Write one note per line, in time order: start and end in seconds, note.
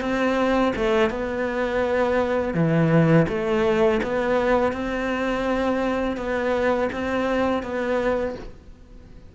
0.00 0.72 C4
0.76 1.10 A3
1.10 2.54 B3
2.54 3.26 E3
3.28 4.00 A3
4.03 4.72 B3
4.72 6.16 C4
6.16 6.89 B3
6.92 7.63 C4
7.63 8.35 B3